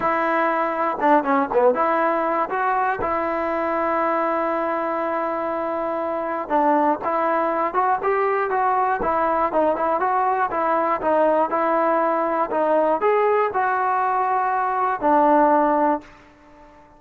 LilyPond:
\new Staff \with { instrumentName = "trombone" } { \time 4/4 \tempo 4 = 120 e'2 d'8 cis'8 b8 e'8~ | e'4 fis'4 e'2~ | e'1~ | e'4 d'4 e'4. fis'8 |
g'4 fis'4 e'4 dis'8 e'8 | fis'4 e'4 dis'4 e'4~ | e'4 dis'4 gis'4 fis'4~ | fis'2 d'2 | }